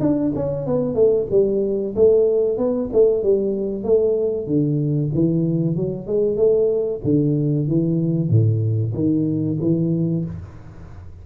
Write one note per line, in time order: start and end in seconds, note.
0.00 0.32 D4
0.35 0.66 C#4
0.66 0.95 B3
0.95 1.27 A3
1.31 1.95 G3
1.96 2.58 A3
2.58 2.90 B3
2.93 3.23 A3
3.23 3.84 G3
3.84 4.47 A3
4.47 5.11 D3
5.14 5.76 E3
5.76 6.07 F#3
6.07 6.37 G#3
6.37 7.01 A3
7.04 7.68 D3
7.68 8.29 E3
8.29 8.93 A2
8.94 9.58 D#3
9.61 10.25 E3